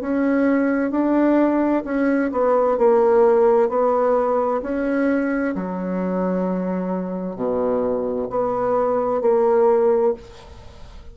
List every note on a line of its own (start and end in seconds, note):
0.00 0.91 C#4
0.91 1.83 D4
1.84 2.30 C#4
2.32 2.78 B3
2.78 3.69 A#3
3.69 4.61 B3
4.62 5.54 C#4
5.55 7.36 F#3
7.36 8.28 B2
8.30 9.21 B3
9.21 10.13 A#3